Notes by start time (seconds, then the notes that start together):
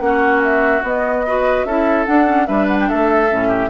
0.00 A#3 C#4 F#4 F#5
0.43 E5
0.83 B3 D#5
1.27 F#4 B4
1.64 C#4 E4 A4 E5
2.05 D4 F#5
2.27 C#4
2.46 G3 D4 B4 E5
2.67 F#5
2.80 G5
2.89 A3 A4 E5
3.29 A2 C#4
3.48 G4